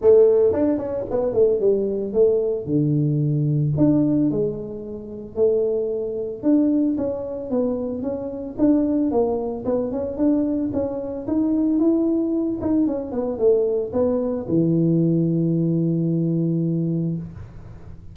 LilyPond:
\new Staff \with { instrumentName = "tuba" } { \time 4/4 \tempo 4 = 112 a4 d'8 cis'8 b8 a8 g4 | a4 d2 d'4 | gis2 a2 | d'4 cis'4 b4 cis'4 |
d'4 ais4 b8 cis'8 d'4 | cis'4 dis'4 e'4. dis'8 | cis'8 b8 a4 b4 e4~ | e1 | }